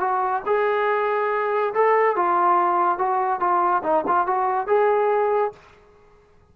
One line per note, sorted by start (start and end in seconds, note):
0.00 0.43 F#4
0.46 1.74 G#4
1.74 2.16 A4
2.16 2.99 F4
2.99 3.40 F#4
3.40 3.83 F4
3.83 4.05 D#4
4.07 4.27 F4
4.27 4.68 F#4
4.68 5.53 G#4